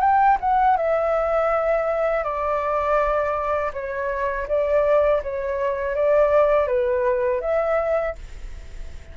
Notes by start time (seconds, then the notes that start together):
0.00 G5
0.40 F#5
0.76 E5
2.23 D5
3.73 C#5
4.48 D5
5.23 C#5
5.95 D5
6.67 B4
7.41 E5